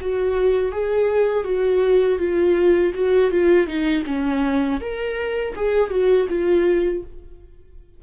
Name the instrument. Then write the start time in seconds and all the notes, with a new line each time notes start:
viola
0.00 F#4
0.71 G#4
1.44 F#4
2.18 F4
2.94 F#4
3.31 F4
3.66 D#4
4.05 C#4
4.80 A#4
5.55 G#4
5.90 F#4
6.29 F4